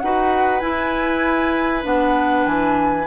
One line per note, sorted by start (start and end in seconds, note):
0.00 0.62 D#4
0.00 0.61 F#4
0.00 3.07 B4
0.00 0.60 F#5
0.60 1.83 E4
0.60 1.85 E4
0.60 1.82 G#5
1.83 2.46 B3
1.83 3.05 D4
1.83 2.47 F#5
2.46 3.07 E3
2.46 3.07 G#5